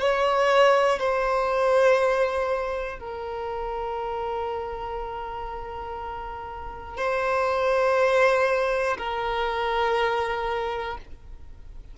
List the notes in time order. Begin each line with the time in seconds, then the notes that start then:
0.00 C#5
0.99 C5
2.99 A#4
6.97 C5
8.98 A#4